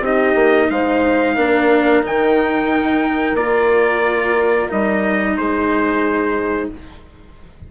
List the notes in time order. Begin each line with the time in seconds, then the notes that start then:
0.00 C4 D#4 G4 D#5
0.34 A#3
0.70 G#3 C5 F5
1.35 A#3 D4 A#4
2.02 D#3 D#4 G5
3.34 A#3 F4 D5
4.68 G3 D#4 D#5
5.37 G#3 G#4 C5